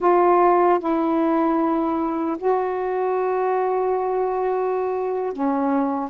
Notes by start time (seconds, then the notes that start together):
0.00 F4
0.79 E4
2.38 F#4
5.32 C#4